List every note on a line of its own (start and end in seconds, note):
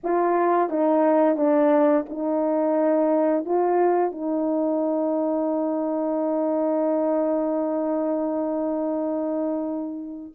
0.03 0.69 F4
0.69 1.36 D#4
1.36 2.05 D4
2.09 3.45 D#4
3.45 4.11 F4
4.11 10.32 D#4